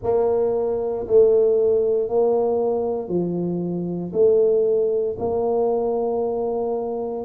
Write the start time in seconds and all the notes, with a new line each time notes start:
0.03 A#3
1.07 A3
2.08 A#3
3.08 F3
4.12 A3
5.18 A#3